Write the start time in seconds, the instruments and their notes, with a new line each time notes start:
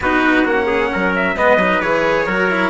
0.00 bassoon B3, cello D#4, trumpet F#4 B4
0.44 bassoon A#3, cello C#4, trumpet F#5
0.66 trumpet G#4
0.91 bassoon F#3, trumpet A#4
1.15 trumpet E5
1.35 bassoon G#3, cello B3, trumpet B4 D#5
1.56 bassoon F#3, cello D#4
1.81 bassoon E3, cello G#4, trumpet C#5
2.26 bassoon F#3, cello F#4, trumpet A#4
2.50 cello E4